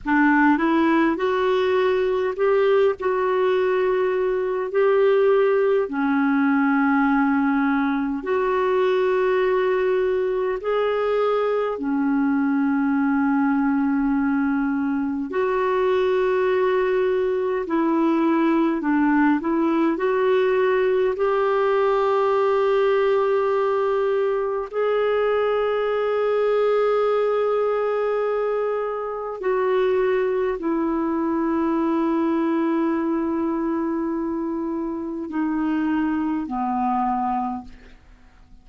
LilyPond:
\new Staff \with { instrumentName = "clarinet" } { \time 4/4 \tempo 4 = 51 d'8 e'8 fis'4 g'8 fis'4. | g'4 cis'2 fis'4~ | fis'4 gis'4 cis'2~ | cis'4 fis'2 e'4 |
d'8 e'8 fis'4 g'2~ | g'4 gis'2.~ | gis'4 fis'4 e'2~ | e'2 dis'4 b4 | }